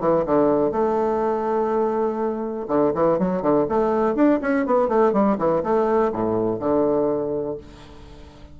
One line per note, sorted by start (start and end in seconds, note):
0.00 0.24 E3
0.25 0.71 D3
0.71 2.67 A3
2.68 2.92 D3
2.94 3.18 E3
3.18 3.42 F#3
3.42 3.66 D3
3.69 4.15 A3
4.15 4.39 D4
4.41 4.66 C#4
4.66 4.88 B3
4.88 5.12 A3
5.12 5.37 G3
5.38 5.63 E3
5.63 6.12 A3
6.12 6.59 A2
6.59 7.57 D3